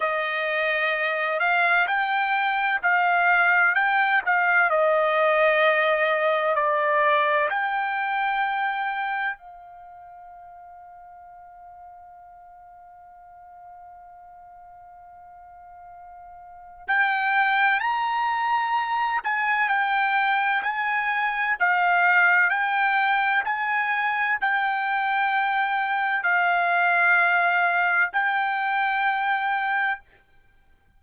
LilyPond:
\new Staff \with { instrumentName = "trumpet" } { \time 4/4 \tempo 4 = 64 dis''4. f''8 g''4 f''4 | g''8 f''8 dis''2 d''4 | g''2 f''2~ | f''1~ |
f''2 g''4 ais''4~ | ais''8 gis''8 g''4 gis''4 f''4 | g''4 gis''4 g''2 | f''2 g''2 | }